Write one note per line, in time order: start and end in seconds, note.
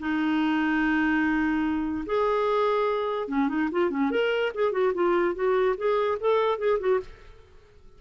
0.00 2.05 D#4
2.06 3.29 G#4
3.29 3.49 C#4
3.49 3.69 D#4
3.72 3.91 F4
3.91 4.11 C#4
4.11 4.52 A#4
4.55 4.73 G#4
4.73 4.93 F#4
4.94 5.35 F4
5.35 5.76 F#4
5.78 6.19 G#4
6.20 6.59 A4
6.59 6.79 G#4
6.80 7.00 F#4